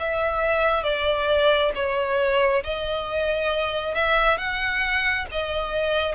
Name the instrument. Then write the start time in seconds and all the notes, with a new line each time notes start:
violin
0.00 E5
0.84 D5
1.76 C#5
2.64 D#5
3.95 E5
4.38 F#5
5.32 D#5